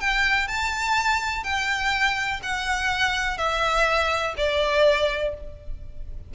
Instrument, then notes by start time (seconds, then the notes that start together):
violin
0.00 G5
0.48 A5
1.44 G5
2.43 F#5
3.38 E5
4.37 D5